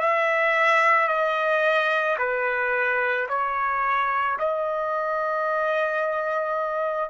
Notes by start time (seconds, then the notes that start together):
0.00 E5
1.07 D#5
2.18 B4
3.28 C#5
4.39 D#5